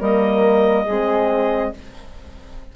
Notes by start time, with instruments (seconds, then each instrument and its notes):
0.00 bassoon G3, horn A#3, flute A#4, clarinet D#5
0.85 bassoon G#3, horn C4, flute G#4